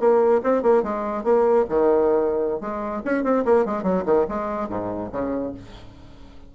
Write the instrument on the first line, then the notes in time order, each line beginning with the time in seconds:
bassoon
0.00 A#3
0.44 C4
0.63 A#3
0.83 G#3
1.24 A#3
1.69 D#3
2.61 G#3
3.05 C#4
3.24 C4
3.45 A#3
3.66 G#3
3.83 F#3
4.06 D#3
4.29 G#3
4.69 G#2
5.12 C#3